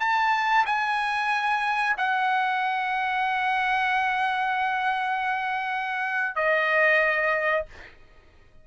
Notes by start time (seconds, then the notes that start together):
0.00 A5
0.66 G#5
1.98 F#5
6.36 D#5